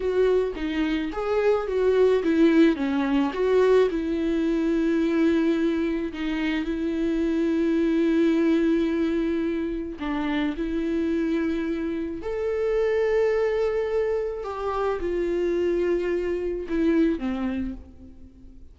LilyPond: \new Staff \with { instrumentName = "viola" } { \time 4/4 \tempo 4 = 108 fis'4 dis'4 gis'4 fis'4 | e'4 cis'4 fis'4 e'4~ | e'2. dis'4 | e'1~ |
e'2 d'4 e'4~ | e'2 a'2~ | a'2 g'4 f'4~ | f'2 e'4 c'4 | }